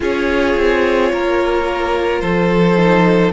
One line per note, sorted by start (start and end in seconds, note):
0.00 0.56 C#4
0.00 2.75 F4
0.00 1.12 G#4
0.00 2.20 C#5
0.56 1.12 C4
1.12 2.22 A#3
1.12 2.22 A#4
2.20 3.32 F3
2.20 3.32 A4
2.20 3.31 C5
2.77 3.32 D#4